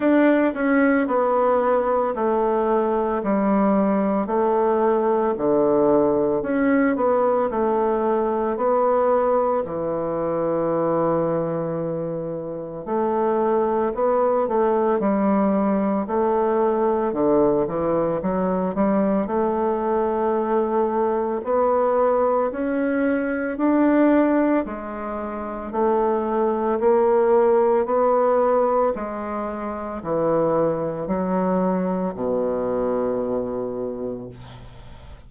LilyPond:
\new Staff \with { instrumentName = "bassoon" } { \time 4/4 \tempo 4 = 56 d'8 cis'8 b4 a4 g4 | a4 d4 cis'8 b8 a4 | b4 e2. | a4 b8 a8 g4 a4 |
d8 e8 fis8 g8 a2 | b4 cis'4 d'4 gis4 | a4 ais4 b4 gis4 | e4 fis4 b,2 | }